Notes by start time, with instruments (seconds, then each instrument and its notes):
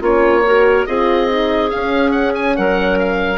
0.00 bassoon A#3, horn C#4, clarinet F4, oboe C#5
0.45 horn F#4, clarinet A#4
0.86 bassoon C4, horn F4, clarinet G#4, oboe D#5
1.29 horn D#4
1.70 horn C#4, bassoon C#4, oboe F5
2.11 oboe F#5
2.35 oboe G#5
2.56 bassoon F#3, clarinet A#4, oboe F#5
2.99 oboe F5